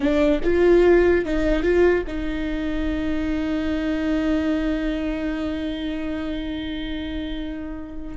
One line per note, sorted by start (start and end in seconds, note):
0.00 0.40 D4
0.43 1.25 F4
1.25 1.62 D#4
1.62 2.04 F4
2.07 8.17 D#4